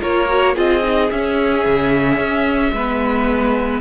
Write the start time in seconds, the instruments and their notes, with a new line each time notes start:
0.00 cello A#3, viola F4, violin A#4 C#5
0.28 viola F#4
0.54 cello C4, viola F4, violin G#4 D#5
0.82 viola D#4
1.10 cello C#4, viola C#4, violin E5
1.66 cello C#3
2.18 cello C#4
2.72 cello G#3, viola B3, violin B4